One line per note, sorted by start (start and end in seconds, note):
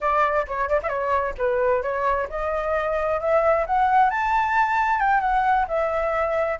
0.00 0.46 D5
0.47 0.69 C#5
0.69 0.80 D5
0.82 0.88 E5
0.88 1.34 C#5
1.38 1.82 B4
1.82 2.27 C#5
2.29 3.20 D#5
3.20 3.65 E5
3.66 4.10 F#5
4.10 4.99 A5
4.99 5.20 G5
5.20 5.65 F#5
5.68 6.59 E5